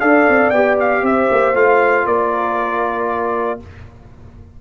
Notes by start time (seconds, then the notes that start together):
0.00 D4 A4 D5 F5
0.29 C4
0.50 B3 G4 G5
0.80 F5
1.02 C4 C5 E5
1.31 A#3
1.54 A3 F4 F5
2.06 A#3 A#4 D5